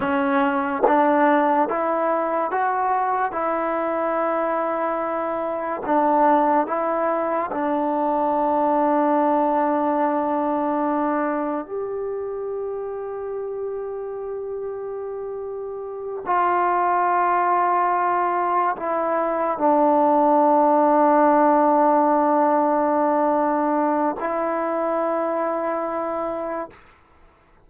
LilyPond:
\new Staff \with { instrumentName = "trombone" } { \time 4/4 \tempo 4 = 72 cis'4 d'4 e'4 fis'4 | e'2. d'4 | e'4 d'2.~ | d'2 g'2~ |
g'2.~ g'8 f'8~ | f'2~ f'8 e'4 d'8~ | d'1~ | d'4 e'2. | }